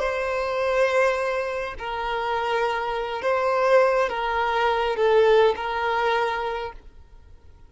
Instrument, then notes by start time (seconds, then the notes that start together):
violin
0.00 C5
1.79 A#4
3.23 C5
4.10 A#4
4.97 A4
5.56 A#4